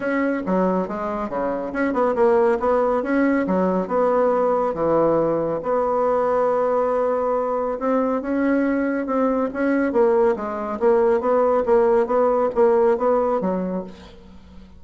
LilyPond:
\new Staff \with { instrumentName = "bassoon" } { \time 4/4 \tempo 4 = 139 cis'4 fis4 gis4 cis4 | cis'8 b8 ais4 b4 cis'4 | fis4 b2 e4~ | e4 b2.~ |
b2 c'4 cis'4~ | cis'4 c'4 cis'4 ais4 | gis4 ais4 b4 ais4 | b4 ais4 b4 fis4 | }